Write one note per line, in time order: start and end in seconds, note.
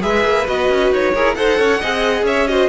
0.00 0.24 G#3
0.00 0.45 G#4
0.00 1.14 B4
0.00 0.47 E5
0.24 0.47 A#3
0.47 0.69 B3
0.47 1.14 F#4
0.47 0.92 D#5
0.69 0.92 C#4
0.92 1.14 D#4
0.92 1.34 C#5
1.14 1.37 E4
1.14 1.35 G#4
1.14 1.36 A#4
1.34 1.58 D#4
1.34 1.80 A4
1.34 1.59 C5
1.34 2.24 F#5
1.58 1.81 C#4
1.58 1.80 C#5
1.80 2.22 C4
1.80 2.48 G#4
1.80 2.25 D#5
2.22 2.67 C#4
2.22 2.48 C#5
2.22 2.47 E5
2.47 2.69 F#4
2.47 2.69 C5
2.47 2.69 D#5